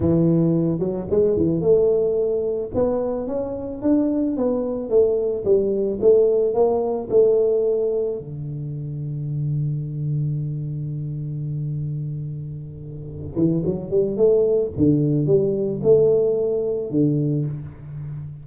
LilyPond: \new Staff \with { instrumentName = "tuba" } { \time 4/4 \tempo 4 = 110 e4. fis8 gis8 e8 a4~ | a4 b4 cis'4 d'4 | b4 a4 g4 a4 | ais4 a2 d4~ |
d1~ | d1~ | d8 e8 fis8 g8 a4 d4 | g4 a2 d4 | }